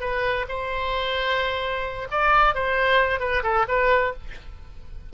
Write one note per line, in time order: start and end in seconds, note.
0.00 0.45 B4
0.48 2.07 C5
2.11 2.54 D5
2.54 3.19 C5
3.19 3.42 B4
3.43 3.65 A4
3.68 4.13 B4